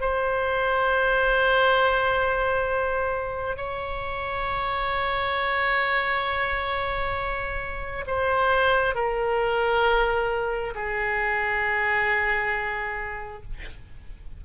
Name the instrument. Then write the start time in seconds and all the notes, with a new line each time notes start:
oboe
0.00 C5
3.57 C#5
8.06 C5
8.94 A#4
10.74 G#4